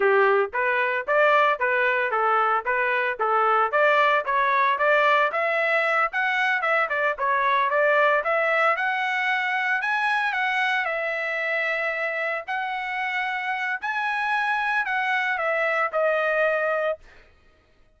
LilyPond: \new Staff \with { instrumentName = "trumpet" } { \time 4/4 \tempo 4 = 113 g'4 b'4 d''4 b'4 | a'4 b'4 a'4 d''4 | cis''4 d''4 e''4. fis''8~ | fis''8 e''8 d''8 cis''4 d''4 e''8~ |
e''8 fis''2 gis''4 fis''8~ | fis''8 e''2. fis''8~ | fis''2 gis''2 | fis''4 e''4 dis''2 | }